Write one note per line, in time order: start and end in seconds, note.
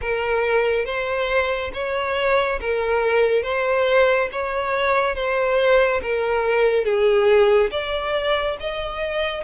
0.01 0.85 A#4
0.85 1.71 C5
1.73 2.59 C#5
2.60 3.42 A#4
3.42 4.28 C5
4.32 5.15 C#5
5.15 6.00 C5
6.02 6.85 A#4
6.85 7.70 G#4
7.71 8.57 D5
8.59 9.44 D#5